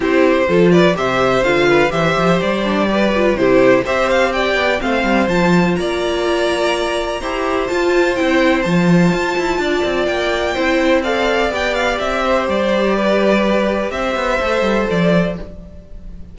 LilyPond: <<
  \new Staff \with { instrumentName = "violin" } { \time 4/4 \tempo 4 = 125 c''4. d''8 e''4 f''4 | e''4 d''2 c''4 | e''8 f''8 g''4 f''4 a''4 | ais''1 |
a''4 g''4 a''2~ | a''4 g''2 f''4 | g''8 f''8 e''4 d''2~ | d''4 e''2 d''4 | }
  \new Staff \with { instrumentName = "violin" } { \time 4/4 g'4 a'8 b'8 c''4. b'8 | c''2 b'4 g'4 | c''4 d''4 c''2 | d''2. c''4~ |
c''1 | d''2 c''4 d''4~ | d''4. c''4. b'4~ | b'4 c''2. | }
  \new Staff \with { instrumentName = "viola" } { \time 4/4 e'4 f'4 g'4 f'4 | g'4. d'8 g'8 f'8 e'4 | g'2 c'4 f'4~ | f'2. g'4 |
f'4 e'4 f'2~ | f'2 e'4 a'4 | g'1~ | g'2 a'2 | }
  \new Staff \with { instrumentName = "cello" } { \time 4/4 c'4 f4 c4 d4 | e8 f8 g2 c4 | c'4. b8 a8 g8 f4 | ais2. e'4 |
f'4 c'4 f4 f'8 e'8 | d'8 c'8 ais4 c'2 | b4 c'4 g2~ | g4 c'8 b8 a8 g8 f4 | }
>>